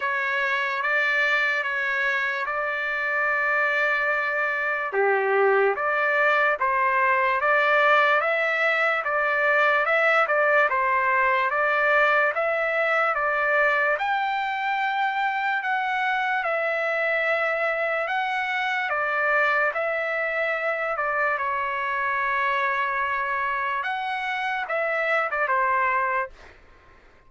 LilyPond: \new Staff \with { instrumentName = "trumpet" } { \time 4/4 \tempo 4 = 73 cis''4 d''4 cis''4 d''4~ | d''2 g'4 d''4 | c''4 d''4 e''4 d''4 | e''8 d''8 c''4 d''4 e''4 |
d''4 g''2 fis''4 | e''2 fis''4 d''4 | e''4. d''8 cis''2~ | cis''4 fis''4 e''8. d''16 c''4 | }